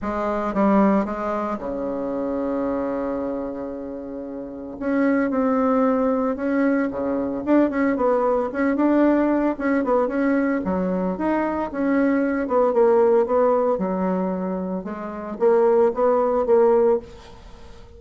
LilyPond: \new Staff \with { instrumentName = "bassoon" } { \time 4/4 \tempo 4 = 113 gis4 g4 gis4 cis4~ | cis1~ | cis4 cis'4 c'2 | cis'4 cis4 d'8 cis'8 b4 |
cis'8 d'4. cis'8 b8 cis'4 | fis4 dis'4 cis'4. b8 | ais4 b4 fis2 | gis4 ais4 b4 ais4 | }